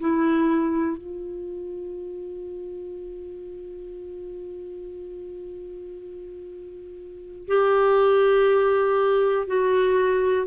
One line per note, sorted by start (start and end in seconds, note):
0.00 0.98 E4
0.98 7.48 F4
7.48 9.48 G4
9.48 10.47 F#4